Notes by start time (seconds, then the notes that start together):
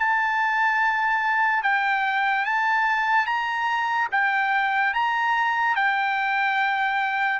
0.00 A5
1.63 G5
2.45 A5
3.26 A#5
4.12 G5
4.94 A#5
5.76 G5